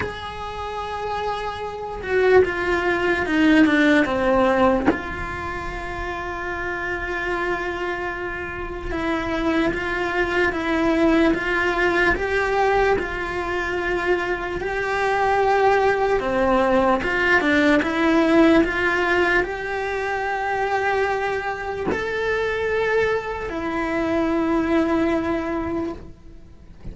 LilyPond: \new Staff \with { instrumentName = "cello" } { \time 4/4 \tempo 4 = 74 gis'2~ gis'8 fis'8 f'4 | dis'8 d'8 c'4 f'2~ | f'2. e'4 | f'4 e'4 f'4 g'4 |
f'2 g'2 | c'4 f'8 d'8 e'4 f'4 | g'2. a'4~ | a'4 e'2. | }